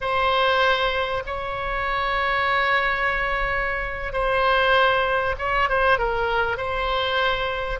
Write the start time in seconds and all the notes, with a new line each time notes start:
0.00 C5
1.26 C#5
4.12 C5
5.38 C#5
5.69 C5
5.98 A#4
6.57 C5